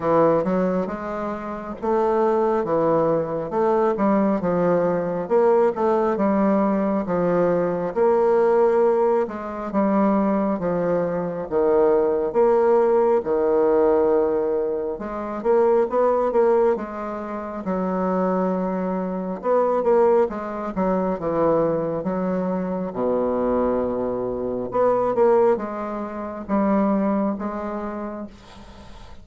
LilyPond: \new Staff \with { instrumentName = "bassoon" } { \time 4/4 \tempo 4 = 68 e8 fis8 gis4 a4 e4 | a8 g8 f4 ais8 a8 g4 | f4 ais4. gis8 g4 | f4 dis4 ais4 dis4~ |
dis4 gis8 ais8 b8 ais8 gis4 | fis2 b8 ais8 gis8 fis8 | e4 fis4 b,2 | b8 ais8 gis4 g4 gis4 | }